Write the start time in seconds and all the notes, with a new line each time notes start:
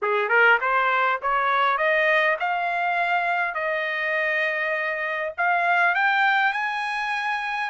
0.01 G#4
0.28 A#4
0.60 C5
1.22 C#5
1.77 D#5
2.39 F5
3.54 D#5
5.37 F5
5.94 G5
6.52 G#5